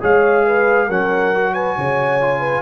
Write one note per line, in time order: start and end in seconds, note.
0.00 0.89 G#3
0.00 0.88 G#4
0.00 0.45 C#5
0.00 0.91 F5
0.46 0.86 B4
0.86 1.77 F#3
0.86 1.34 C#4
0.86 1.52 A#4
0.86 1.54 F#5
1.34 2.20 F#4
1.54 1.76 B4
1.54 2.61 G#5
1.77 2.61 C#3
1.77 2.39 C#5
2.20 2.61 F4
2.39 2.61 B4